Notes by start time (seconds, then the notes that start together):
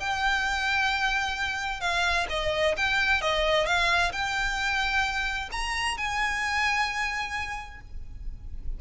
0.00 G5
1.81 F5
2.29 D#5
2.77 G5
3.21 D#5
3.66 F5
4.12 G5
5.52 A#5
5.98 G#5